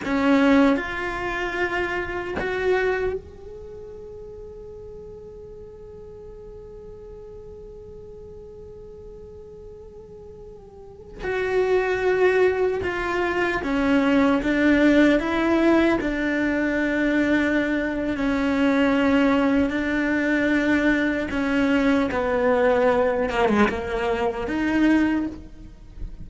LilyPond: \new Staff \with { instrumentName = "cello" } { \time 4/4 \tempo 4 = 76 cis'4 f'2 fis'4 | gis'1~ | gis'1~ | gis'2~ gis'16 fis'4.~ fis'16~ |
fis'16 f'4 cis'4 d'4 e'8.~ | e'16 d'2~ d'8. cis'4~ | cis'4 d'2 cis'4 | b4. ais16 gis16 ais4 dis'4 | }